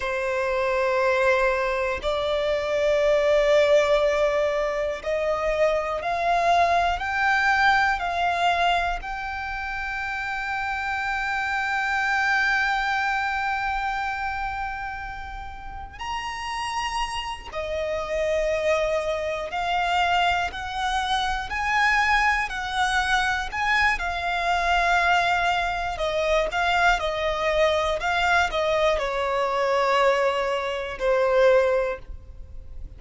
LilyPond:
\new Staff \with { instrumentName = "violin" } { \time 4/4 \tempo 4 = 60 c''2 d''2~ | d''4 dis''4 f''4 g''4 | f''4 g''2.~ | g''1 |
ais''4. dis''2 f''8~ | f''8 fis''4 gis''4 fis''4 gis''8 | f''2 dis''8 f''8 dis''4 | f''8 dis''8 cis''2 c''4 | }